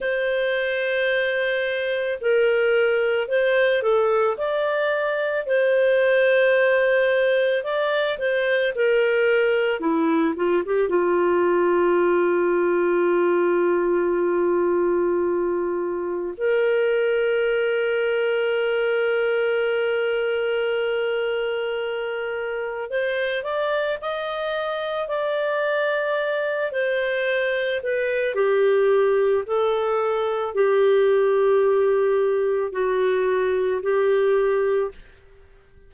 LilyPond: \new Staff \with { instrumentName = "clarinet" } { \time 4/4 \tempo 4 = 55 c''2 ais'4 c''8 a'8 | d''4 c''2 d''8 c''8 | ais'4 e'8 f'16 g'16 f'2~ | f'2. ais'4~ |
ais'1~ | ais'4 c''8 d''8 dis''4 d''4~ | d''8 c''4 b'8 g'4 a'4 | g'2 fis'4 g'4 | }